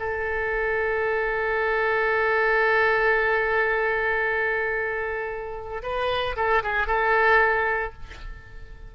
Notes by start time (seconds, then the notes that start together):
0.00 A4
5.83 B4
6.37 A4
6.63 G#4
6.87 A4